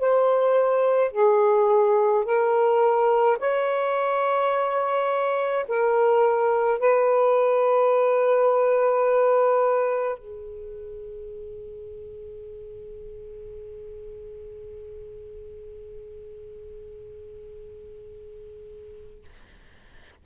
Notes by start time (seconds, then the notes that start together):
0.00 C5
1.12 G#4
2.25 A#4
3.40 C#5
5.69 A#4
6.80 B4
10.19 G#4